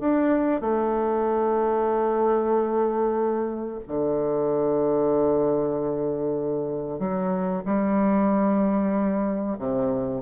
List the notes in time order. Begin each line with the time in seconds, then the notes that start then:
0.00 D4
0.61 A3
3.88 D3
6.99 F#3
7.65 G3
9.59 C3